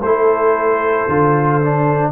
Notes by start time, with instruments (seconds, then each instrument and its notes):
0.00 tuba A3, trombone E4, horn A4, trumpet C5
1.08 tuba D3, trombone F4
1.62 trombone D4